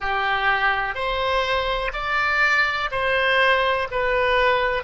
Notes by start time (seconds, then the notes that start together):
0.00 G4
0.94 C5
1.93 D5
2.91 C5
3.91 B4